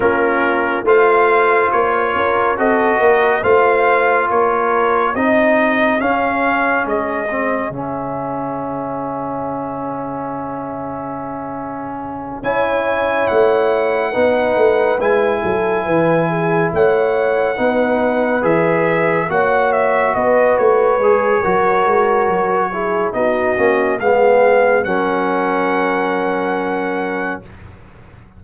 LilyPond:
<<
  \new Staff \with { instrumentName = "trumpet" } { \time 4/4 \tempo 4 = 70 ais'4 f''4 cis''4 dis''4 | f''4 cis''4 dis''4 f''4 | dis''4 e''2.~ | e''2~ e''8 gis''4 fis''8~ |
fis''4. gis''2 fis''8~ | fis''4. e''4 fis''8 e''8 dis''8 | cis''2. dis''4 | f''4 fis''2. | }
  \new Staff \with { instrumentName = "horn" } { \time 4/4 f'4 c''4. ais'8 a'8 ais'8 | c''4 ais'4 gis'2~ | gis'1~ | gis'2~ gis'8 cis''4.~ |
cis''8 b'4. a'8 b'8 gis'8 cis''8~ | cis''8 b'2 cis''4 b'8~ | b'4 ais'4. gis'8 fis'4 | gis'4 ais'2. | }
  \new Staff \with { instrumentName = "trombone" } { \time 4/4 cis'4 f'2 fis'4 | f'2 dis'4 cis'4~ | cis'8 c'8 cis'2.~ | cis'2~ cis'8 e'4.~ |
e'8 dis'4 e'2~ e'8~ | e'8 dis'4 gis'4 fis'4.~ | fis'8 gis'8 fis'4. e'8 dis'8 cis'8 | b4 cis'2. | }
  \new Staff \with { instrumentName = "tuba" } { \time 4/4 ais4 a4 ais8 cis'8 c'8 ais8 | a4 ais4 c'4 cis'4 | gis4 cis2.~ | cis2~ cis8 cis'4 a8~ |
a8 b8 a8 gis8 fis8 e4 a8~ | a8 b4 e4 ais4 b8 | a8 gis8 fis8 gis8 fis4 b8 ais8 | gis4 fis2. | }
>>